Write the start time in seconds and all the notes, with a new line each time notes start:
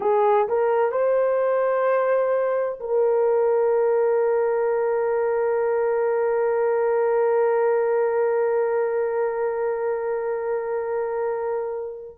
0.00 G#4
0.48 A#4
0.91 C5
2.80 A#4